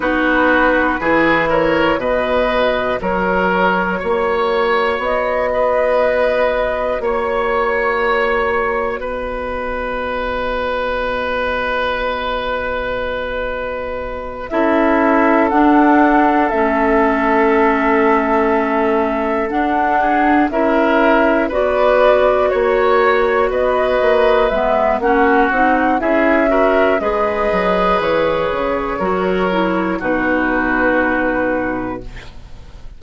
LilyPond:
<<
  \new Staff \with { instrumentName = "flute" } { \time 4/4 \tempo 4 = 60 b'4. cis''8 dis''4 cis''4~ | cis''4 dis''2 cis''4~ | cis''4 dis''2.~ | dis''2~ dis''8 e''4 fis''8~ |
fis''8 e''2. fis''8~ | fis''8 e''4 d''4 cis''4 dis''8~ | dis''8 e''8 fis''4 e''4 dis''4 | cis''2 b'2 | }
  \new Staff \with { instrumentName = "oboe" } { \time 4/4 fis'4 gis'8 ais'8 b'4 ais'4 | cis''4. b'4. cis''4~ | cis''4 b'2.~ | b'2~ b'8 a'4.~ |
a'1 | gis'8 ais'4 b'4 cis''4 b'8~ | b'4 fis'4 gis'8 ais'8 b'4~ | b'4 ais'4 fis'2 | }
  \new Staff \with { instrumentName = "clarinet" } { \time 4/4 dis'4 e'4 fis'2~ | fis'1~ | fis'1~ | fis'2~ fis'8 e'4 d'8~ |
d'8 cis'2. d'8~ | d'8 e'4 fis'2~ fis'8~ | fis'8 b8 cis'8 dis'8 e'8 fis'8 gis'4~ | gis'4 fis'8 e'8 dis'2 | }
  \new Staff \with { instrumentName = "bassoon" } { \time 4/4 b4 e4 b,4 fis4 | ais4 b2 ais4~ | ais4 b2.~ | b2~ b8 cis'4 d'8~ |
d'8 a2. d'8~ | d'8 cis'4 b4 ais4 b8 | ais8 gis8 ais8 c'8 cis'4 gis8 fis8 | e8 cis8 fis4 b,2 | }
>>